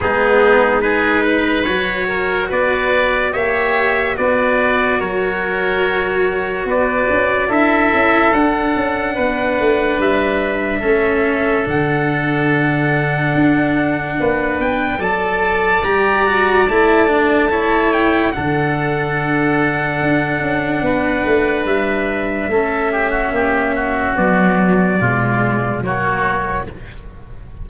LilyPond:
<<
  \new Staff \with { instrumentName = "trumpet" } { \time 4/4 \tempo 4 = 72 gis'4 b'4 cis''4 d''4 | e''4 d''4 cis''2 | d''4 e''4 fis''2 | e''2 fis''2~ |
fis''4. g''8 a''4 ais''4 | a''4. g''8 fis''2~ | fis''2 e''2~ | e''4 d''2 cis''4 | }
  \new Staff \with { instrumentName = "oboe" } { \time 4/4 dis'4 gis'8 b'4 ais'8 b'4 | cis''4 b'4 ais'2 | b'4 a'2 b'4~ | b'4 a'2.~ |
a'4 b'4 d''2~ | d''4 cis''4 a'2~ | a'4 b'2 a'8 g'16 fis'16 | g'8 fis'4. f'4 fis'4 | }
  \new Staff \with { instrumentName = "cello" } { \time 4/4 b4 dis'4 fis'2 | g'4 fis'2.~ | fis'4 e'4 d'2~ | d'4 cis'4 d'2~ |
d'2 a'4 g'8 fis'8 | e'8 d'8 e'4 d'2~ | d'2. cis'4~ | cis'4 fis4 gis4 ais4 | }
  \new Staff \with { instrumentName = "tuba" } { \time 4/4 gis2 fis4 b4 | ais4 b4 fis2 | b8 cis'8 d'8 cis'8 d'8 cis'8 b8 a8 | g4 a4 d2 |
d'4 ais8 b8 fis4 g4 | a2 d2 | d'8 cis'8 b8 a8 g4 a4 | ais4 b4 b,4 fis4 | }
>>